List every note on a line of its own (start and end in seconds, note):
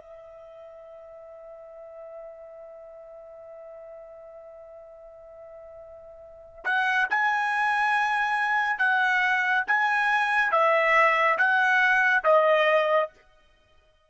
0.00 6.64 E5
6.64 7.07 F#5
7.10 8.78 G#5
8.78 9.64 F#5
9.67 10.52 G#5
10.52 11.37 E5
11.38 12.23 F#5
12.24 13.09 D#5